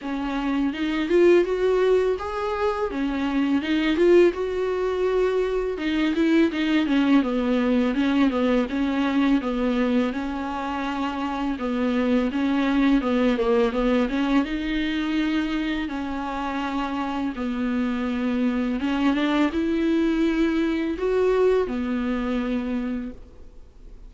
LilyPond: \new Staff \with { instrumentName = "viola" } { \time 4/4 \tempo 4 = 83 cis'4 dis'8 f'8 fis'4 gis'4 | cis'4 dis'8 f'8 fis'2 | dis'8 e'8 dis'8 cis'8 b4 cis'8 b8 | cis'4 b4 cis'2 |
b4 cis'4 b8 ais8 b8 cis'8 | dis'2 cis'2 | b2 cis'8 d'8 e'4~ | e'4 fis'4 b2 | }